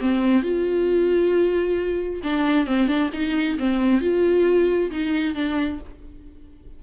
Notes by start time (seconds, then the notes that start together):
0.00 C4
0.43 F4
2.23 D4
2.66 C4
2.88 D4
3.13 D#4
3.59 C4
4.01 F4
4.91 D#4
5.35 D4